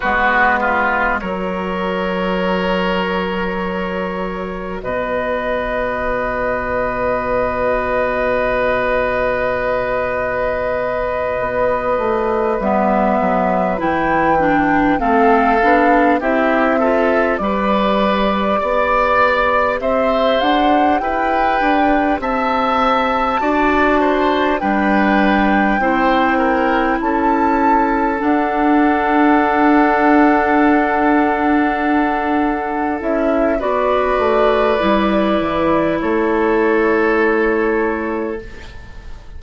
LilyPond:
<<
  \new Staff \with { instrumentName = "flute" } { \time 4/4 \tempo 4 = 50 b'4 cis''2. | dis''1~ | dis''2~ dis''8 e''4 g''8~ | g''8 f''4 e''4 d''4.~ |
d''8 e''8 fis''8 g''4 a''4.~ | a''8 g''2 a''4 fis''8~ | fis''2.~ fis''8 e''8 | d''2 cis''2 | }
  \new Staff \with { instrumentName = "oboe" } { \time 4/4 fis'8 f'8 ais'2. | b'1~ | b'1~ | b'8 a'4 g'8 a'8 b'4 d''8~ |
d''8 c''4 b'4 e''4 d''8 | c''8 b'4 c''8 ais'8 a'4.~ | a'1 | b'2 a'2 | }
  \new Staff \with { instrumentName = "clarinet" } { \time 4/4 b4 fis'2.~ | fis'1~ | fis'2~ fis'8 b4 e'8 | d'8 c'8 d'8 e'8 f'8 g'4.~ |
g'2.~ g'8 fis'8~ | fis'8 d'4 e'2 d'8~ | d'2.~ d'8 e'8 | fis'4 e'2. | }
  \new Staff \with { instrumentName = "bassoon" } { \time 4/4 gis4 fis2. | b,1~ | b,4. b8 a8 g8 fis8 e8~ | e8 a8 b8 c'4 g4 b8~ |
b8 c'8 d'8 e'8 d'8 c'4 d'8~ | d'8 g4 c'4 cis'4 d'8~ | d'2.~ d'8 cis'8 | b8 a8 g8 e8 a2 | }
>>